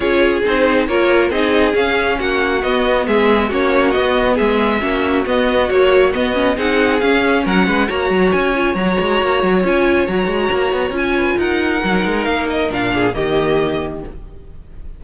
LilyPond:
<<
  \new Staff \with { instrumentName = "violin" } { \time 4/4 \tempo 4 = 137 cis''4 c''4 cis''4 dis''4 | f''4 fis''4 dis''4 e''4 | cis''4 dis''4 e''2 | dis''4 cis''4 dis''4 fis''4 |
f''4 fis''4 ais''4 gis''4 | ais''2 gis''4 ais''4~ | ais''4 gis''4 fis''2 | f''8 dis''8 f''4 dis''2 | }
  \new Staff \with { instrumentName = "violin" } { \time 4/4 gis'2 ais'4 gis'4~ | gis'4 fis'2 gis'4 | fis'2 gis'4 fis'4~ | fis'2. gis'4~ |
gis'4 ais'8 b'8 cis''2~ | cis''1~ | cis''4. b'8 ais'2~ | ais'4. gis'8 g'2 | }
  \new Staff \with { instrumentName = "viola" } { \time 4/4 f'4 dis'4 f'4 dis'4 | cis'2 b2 | cis'4 b2 cis'4 | b4 fis4 b8 cis'8 dis'4 |
cis'2 fis'4. f'8 | fis'2 f'4 fis'4~ | fis'4 f'2 dis'4~ | dis'4 d'4 ais2 | }
  \new Staff \with { instrumentName = "cello" } { \time 4/4 cis'4 c'4 ais4 c'4 | cis'4 ais4 b4 gis4 | ais4 b4 gis4 ais4 | b4 ais4 b4 c'4 |
cis'4 fis8 gis8 ais8 fis8 cis'4 | fis8 gis8 ais8 fis8 cis'4 fis8 gis8 | ais8 b8 cis'4 dis'4 fis8 gis8 | ais4 ais,4 dis2 | }
>>